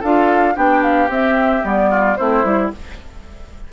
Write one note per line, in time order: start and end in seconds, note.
0.00 0.57 D4
0.00 0.55 F4
0.00 0.54 A4
0.00 0.57 F5
0.55 1.09 B3
0.55 1.09 D4
0.55 1.91 G4
0.55 0.83 G5
0.83 1.10 F5
1.09 1.63 C4
1.09 1.65 E5
1.63 2.18 G3
1.63 2.17 B3
1.63 2.17 D5
1.91 2.18 F4
2.17 2.44 A3
2.17 2.45 C4
2.17 2.73 E4
2.17 2.71 C5
2.44 2.71 G3
2.44 2.72 E4